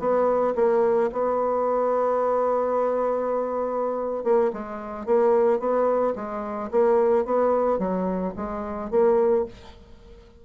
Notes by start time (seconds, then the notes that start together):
0.00 B3
0.56 A#3
1.13 B3
4.24 A#3
4.53 G#3
5.06 A#3
5.60 B3
6.16 G#3
6.72 A#3
7.26 B3
7.79 F#3
8.37 G#3
8.91 A#3